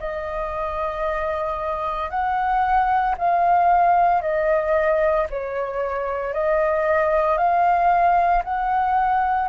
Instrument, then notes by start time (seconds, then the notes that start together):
flute
0.00 D#5
2.10 F#5
3.18 F5
4.22 D#5
5.30 C#5
6.34 D#5
7.37 F5
8.44 F#5